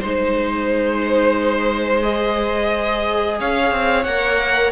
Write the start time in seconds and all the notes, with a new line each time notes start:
0.00 G#3 D#4 C5
2.03 G#4 D#5
3.40 C#4 C#5 F5
3.72 C4
4.05 A#3 A#4 F#5